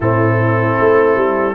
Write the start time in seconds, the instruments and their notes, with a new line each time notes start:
0.00 tuba A2, trombone C4, horn E4, trumpet A4
0.79 tuba A3
1.16 tuba G3